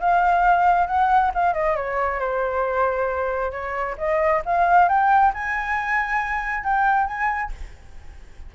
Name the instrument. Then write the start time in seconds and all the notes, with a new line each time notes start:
flute
0.00 F5
0.87 F#5
1.34 F5
1.54 D#5
1.76 C#5
2.20 C5
3.52 C#5
3.98 D#5
4.46 F5
4.89 G5
5.34 G#5
6.64 G5
7.07 G#5